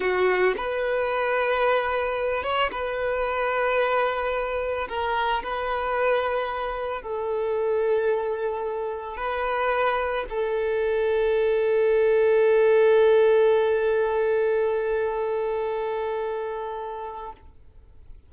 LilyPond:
\new Staff \with { instrumentName = "violin" } { \time 4/4 \tempo 4 = 111 fis'4 b'2.~ | b'8 cis''8 b'2.~ | b'4 ais'4 b'2~ | b'4 a'2.~ |
a'4 b'2 a'4~ | a'1~ | a'1~ | a'1 | }